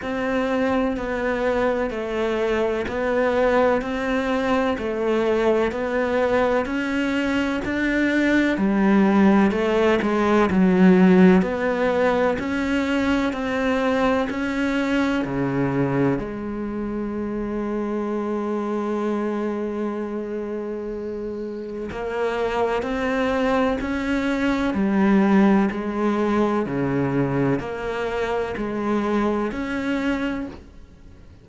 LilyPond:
\new Staff \with { instrumentName = "cello" } { \time 4/4 \tempo 4 = 63 c'4 b4 a4 b4 | c'4 a4 b4 cis'4 | d'4 g4 a8 gis8 fis4 | b4 cis'4 c'4 cis'4 |
cis4 gis2.~ | gis2. ais4 | c'4 cis'4 g4 gis4 | cis4 ais4 gis4 cis'4 | }